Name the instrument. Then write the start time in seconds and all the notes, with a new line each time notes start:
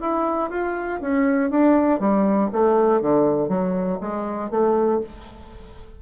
bassoon
0.00 E4
0.50 F4
1.01 C#4
1.50 D4
1.99 G3
2.52 A3
3.01 D3
3.48 F#3
4.00 G#3
4.50 A3